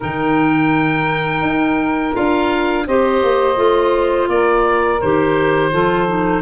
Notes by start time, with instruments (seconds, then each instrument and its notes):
0.00 tuba D#3, clarinet D#4, saxophone A#4, oboe G5
1.41 tuba D#4
2.13 tuba D4, clarinet F4, oboe F5
2.86 tuba C4, clarinet G4, saxophone C5, oboe D#5
3.22 tuba A#3
3.55 tuba A3, clarinet F4
4.28 tuba A#3, saxophone A#4, oboe D5
5.00 tuba D#3, clarinet G4, oboe C5
5.70 tuba F3, clarinet F4, saxophone A4
6.07 clarinet D#4